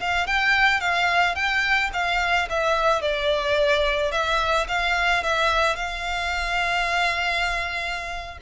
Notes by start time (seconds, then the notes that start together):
0.00 F5
0.27 G5
0.80 F5
1.35 G5
1.93 F5
2.49 E5
3.02 D5
4.12 E5
4.68 F5
5.23 E5
5.76 F5